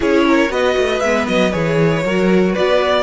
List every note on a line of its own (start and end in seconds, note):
0.00 0.50 C#4
0.00 0.49 E4
0.00 0.25 G#4
0.00 0.51 C#5
0.27 0.51 A#4
0.49 0.75 B3
0.49 1.00 F#4
0.49 2.03 B4
0.49 0.99 D#5
0.78 1.01 A3
0.99 1.26 G#3
0.99 1.51 B3
0.99 1.25 E5
1.27 1.53 F#3
1.27 1.52 D#5
1.51 2.03 E3
1.51 2.02 G#4
1.51 2.54 C#5
2.03 2.54 F#3
2.03 3.03 F#4
2.03 2.52 A#4
2.52 3.03 B3
2.52 3.03 B4
2.52 3.03 D5